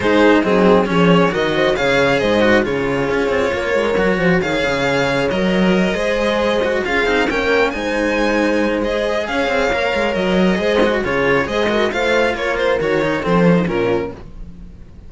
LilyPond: <<
  \new Staff \with { instrumentName = "violin" } { \time 4/4 \tempo 4 = 136 c''4 gis'4 cis''4 dis''4 | f''4 dis''4 cis''2~ | cis''2 f''2 | dis''2.~ dis''8 f''8~ |
f''8 g''4 gis''2~ gis''8 | dis''4 f''2 dis''4~ | dis''4 cis''4 dis''4 f''4 | cis''8 c''8 cis''4 c''4 ais'4 | }
  \new Staff \with { instrumentName = "horn" } { \time 4/4 gis'4 dis'4 gis'4 ais'8 c''8 | cis''4 c''4 gis'2 | ais'4. c''8 cis''2~ | cis''4. c''2 gis'8~ |
gis'8 ais'4 c''2~ c''8~ | c''4 cis''2. | c''4 gis'4 c''8 ais'8 c''4 | ais'2 a'4 f'4 | }
  \new Staff \with { instrumentName = "cello" } { \time 4/4 dis'4 c'4 cis'4 fis'4 | gis'4. fis'8 f'2~ | f'4 fis'4 gis'2 | ais'4. gis'4. fis'8 f'8 |
dis'8 cis'4 dis'2~ dis'8 | gis'2 ais'2 | gis'8 fis'8 f'4 gis'8 fis'8 f'4~ | f'4 fis'8 dis'8 c'8 cis'16 dis'16 cis'4 | }
  \new Staff \with { instrumentName = "cello" } { \time 4/4 gis4 fis4 f4 dis4 | cis4 gis,4 cis4 cis'8 c'8 | ais8 gis8 fis8 f8 dis8 cis4. | fis4. gis2 cis'8 |
c'8 ais4 gis2~ gis8~ | gis4 cis'8 c'8 ais8 gis8 fis4 | gis4 cis4 gis4 a4 | ais4 dis4 f4 ais,4 | }
>>